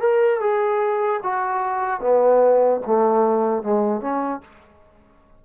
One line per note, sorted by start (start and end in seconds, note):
0.00 0.40 A#4
0.40 1.20 G#4
1.23 2.00 F#4
2.00 2.80 B3
2.86 3.62 A3
3.62 4.01 G#3
4.01 4.41 C#4